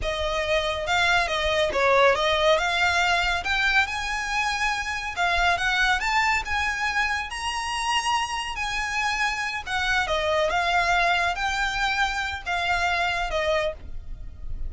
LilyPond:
\new Staff \with { instrumentName = "violin" } { \time 4/4 \tempo 4 = 140 dis''2 f''4 dis''4 | cis''4 dis''4 f''2 | g''4 gis''2. | f''4 fis''4 a''4 gis''4~ |
gis''4 ais''2. | gis''2~ gis''8 fis''4 dis''8~ | dis''8 f''2 g''4.~ | g''4 f''2 dis''4 | }